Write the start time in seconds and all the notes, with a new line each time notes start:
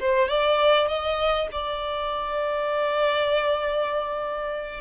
0.00 C5
0.29 D5
0.88 D#5
1.52 D5